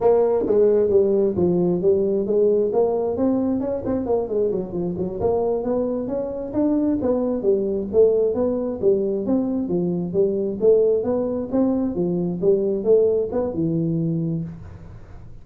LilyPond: \new Staff \with { instrumentName = "tuba" } { \time 4/4 \tempo 4 = 133 ais4 gis4 g4 f4 | g4 gis4 ais4 c'4 | cis'8 c'8 ais8 gis8 fis8 f8 fis8 ais8~ | ais8 b4 cis'4 d'4 b8~ |
b8 g4 a4 b4 g8~ | g8 c'4 f4 g4 a8~ | a8 b4 c'4 f4 g8~ | g8 a4 b8 e2 | }